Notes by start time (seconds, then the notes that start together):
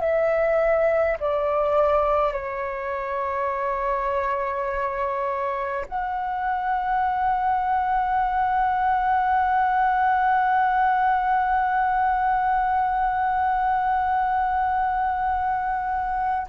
0.00 E5
1.20 D5
2.33 C#5
5.88 F#5